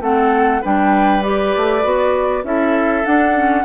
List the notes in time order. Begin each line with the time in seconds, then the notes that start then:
0.00 A3 C4 A4 F#5
0.61 G3 D4 B4 G5
1.23 G4 D5
1.56 A3
1.82 B3 F#4
2.43 C#4 E4 A4 E5
3.04 D4 F#5
3.34 C#4